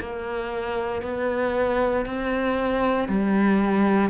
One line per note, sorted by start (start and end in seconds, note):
0.00 1.02 A#3
1.02 2.05 B3
2.05 3.08 C4
3.08 4.10 G3